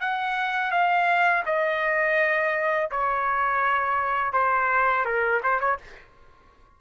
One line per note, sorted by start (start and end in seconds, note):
0.00 0.71 F#5
0.71 1.43 F5
1.45 2.90 D#5
2.90 4.33 C#5
4.33 5.05 C5
5.05 5.41 A#4
5.43 5.60 C5
5.60 5.78 C#5